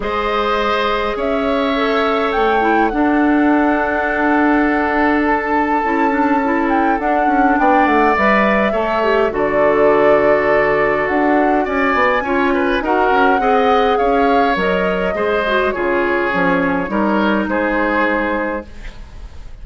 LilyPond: <<
  \new Staff \with { instrumentName = "flute" } { \time 4/4 \tempo 4 = 103 dis''2 e''2 | g''4 fis''2.~ | fis''4 a''2~ a''8 g''8 | fis''4 g''8 fis''8 e''2 |
d''2. fis''4 | gis''2 fis''2 | f''4 dis''2 cis''4~ | cis''2 c''2 | }
  \new Staff \with { instrumentName = "oboe" } { \time 4/4 c''2 cis''2~ | cis''4 a'2.~ | a'1~ | a'4 d''2 cis''4 |
a'1 | d''4 cis''8 b'8 ais'4 dis''4 | cis''2 c''4 gis'4~ | gis'4 ais'4 gis'2 | }
  \new Staff \with { instrumentName = "clarinet" } { \time 4/4 gis'2. a'4~ | a'8 e'8 d'2.~ | d'2 e'8 d'8 e'4 | d'2 b'4 a'8 g'8 |
fis'1~ | fis'4 f'4 fis'4 gis'4~ | gis'4 ais'4 gis'8 fis'8 f'4 | cis'4 dis'2. | }
  \new Staff \with { instrumentName = "bassoon" } { \time 4/4 gis2 cis'2 | a4 d'2.~ | d'2 cis'2 | d'8 cis'8 b8 a8 g4 a4 |
d2. d'4 | cis'8 b8 cis'4 dis'8 cis'8 c'4 | cis'4 fis4 gis4 cis4 | f4 g4 gis2 | }
>>